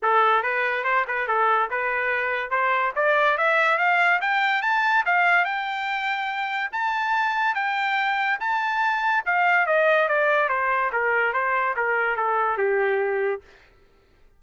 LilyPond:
\new Staff \with { instrumentName = "trumpet" } { \time 4/4 \tempo 4 = 143 a'4 b'4 c''8 b'8 a'4 | b'2 c''4 d''4 | e''4 f''4 g''4 a''4 | f''4 g''2. |
a''2 g''2 | a''2 f''4 dis''4 | d''4 c''4 ais'4 c''4 | ais'4 a'4 g'2 | }